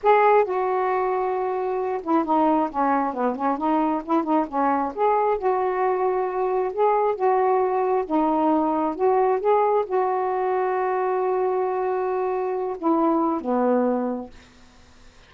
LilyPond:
\new Staff \with { instrumentName = "saxophone" } { \time 4/4 \tempo 4 = 134 gis'4 fis'2.~ | fis'8 e'8 dis'4 cis'4 b8 cis'8 | dis'4 e'8 dis'8 cis'4 gis'4 | fis'2. gis'4 |
fis'2 dis'2 | fis'4 gis'4 fis'2~ | fis'1~ | fis'8 e'4. b2 | }